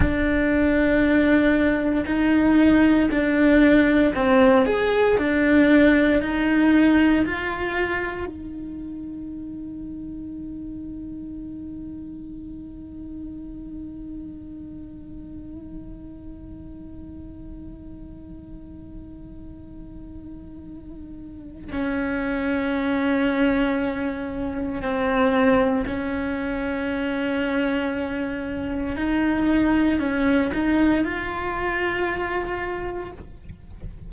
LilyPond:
\new Staff \with { instrumentName = "cello" } { \time 4/4 \tempo 4 = 58 d'2 dis'4 d'4 | c'8 gis'8 d'4 dis'4 f'4 | dis'1~ | dis'1~ |
dis'1~ | dis'4 cis'2. | c'4 cis'2. | dis'4 cis'8 dis'8 f'2 | }